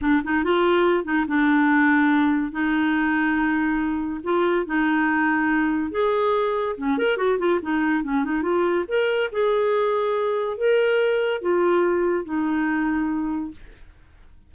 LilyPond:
\new Staff \with { instrumentName = "clarinet" } { \time 4/4 \tempo 4 = 142 d'8 dis'8 f'4. dis'8 d'4~ | d'2 dis'2~ | dis'2 f'4 dis'4~ | dis'2 gis'2 |
cis'8 ais'8 fis'8 f'8 dis'4 cis'8 dis'8 | f'4 ais'4 gis'2~ | gis'4 ais'2 f'4~ | f'4 dis'2. | }